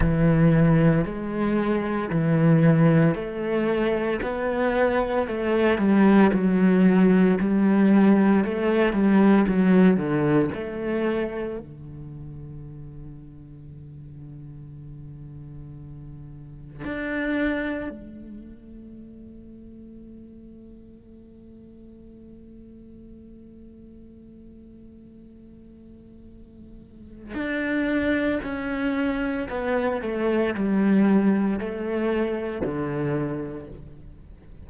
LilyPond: \new Staff \with { instrumentName = "cello" } { \time 4/4 \tempo 4 = 57 e4 gis4 e4 a4 | b4 a8 g8 fis4 g4 | a8 g8 fis8 d8 a4 d4~ | d1 |
d'4 a2.~ | a1~ | a2 d'4 cis'4 | b8 a8 g4 a4 d4 | }